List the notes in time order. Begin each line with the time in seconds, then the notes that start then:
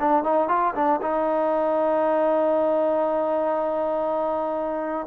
0.00 D4
0.24 D#4
0.49 F4
0.75 D4
1.02 D#4